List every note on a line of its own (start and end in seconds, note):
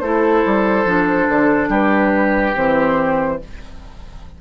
0.00 0.44 A3
0.00 0.87 E4
0.00 1.70 A4
0.00 1.69 C5
0.46 0.85 G3
0.85 1.27 F3
0.85 2.55 D4
1.29 1.69 D3
1.69 2.54 G3
1.69 3.39 G4
1.69 2.57 B4
2.55 3.42 E3
2.55 3.40 C4
2.55 3.41 C5